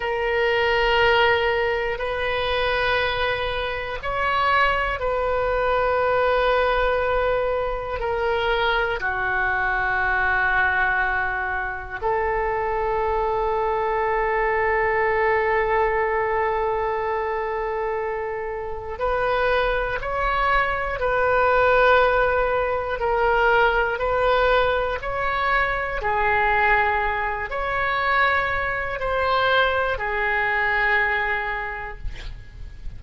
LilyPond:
\new Staff \with { instrumentName = "oboe" } { \time 4/4 \tempo 4 = 60 ais'2 b'2 | cis''4 b'2. | ais'4 fis'2. | a'1~ |
a'2. b'4 | cis''4 b'2 ais'4 | b'4 cis''4 gis'4. cis''8~ | cis''4 c''4 gis'2 | }